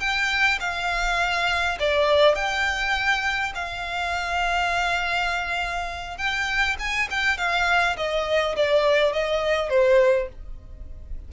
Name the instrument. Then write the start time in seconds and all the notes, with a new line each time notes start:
violin
0.00 G5
0.60 F5
1.80 D5
2.35 G5
3.55 F5
6.18 G5
6.79 G#5
7.11 G5
7.38 F5
7.97 D#5
8.56 D5
9.13 D#5
9.70 C5